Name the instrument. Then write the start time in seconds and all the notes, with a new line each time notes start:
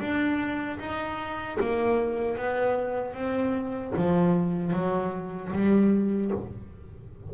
double bass
0.00 D4
0.79 D#4
1.60 A#3
2.37 B3
3.14 C4
3.97 F3
4.73 F#3
5.53 G3